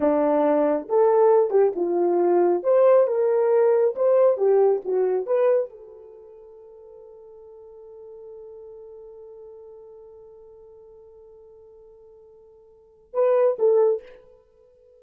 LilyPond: \new Staff \with { instrumentName = "horn" } { \time 4/4 \tempo 4 = 137 d'2 a'4. g'8 | f'2 c''4 ais'4~ | ais'4 c''4 g'4 fis'4 | b'4 a'2.~ |
a'1~ | a'1~ | a'1~ | a'2 b'4 a'4 | }